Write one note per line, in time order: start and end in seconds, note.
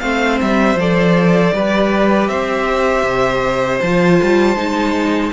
0.00 0.41 A3
0.00 0.77 C4
0.00 1.54 C5
0.00 0.38 F5
0.41 0.76 G3
0.41 0.79 E5
0.76 1.52 F3
0.76 1.54 A4
0.76 2.28 D5
1.53 2.29 G3
1.53 3.82 G4
1.53 2.30 B4
2.28 3.03 C4
2.28 5.33 C5
2.28 3.80 E5
3.03 3.79 C3
3.81 4.20 F3
3.81 4.56 F4
3.81 5.33 A5
4.23 4.56 G3
4.56 5.32 G#3
4.56 5.32 D#4